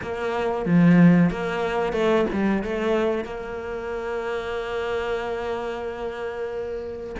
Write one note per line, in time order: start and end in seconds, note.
0.02 0.65 A#3
0.65 1.30 F3
1.30 1.92 A#3
1.92 2.25 A3
2.32 2.63 G3
2.63 3.24 A3
3.24 7.15 A#3